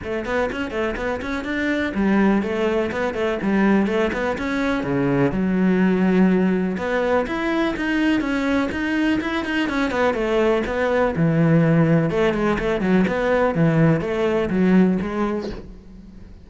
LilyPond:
\new Staff \with { instrumentName = "cello" } { \time 4/4 \tempo 4 = 124 a8 b8 cis'8 a8 b8 cis'8 d'4 | g4 a4 b8 a8 g4 | a8 b8 cis'4 cis4 fis4~ | fis2 b4 e'4 |
dis'4 cis'4 dis'4 e'8 dis'8 | cis'8 b8 a4 b4 e4~ | e4 a8 gis8 a8 fis8 b4 | e4 a4 fis4 gis4 | }